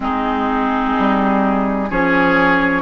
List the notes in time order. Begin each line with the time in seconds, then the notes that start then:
0.00 G#3 C4 D#4 G#4
0.98 G3
1.89 F3 C#4 G#4 C#5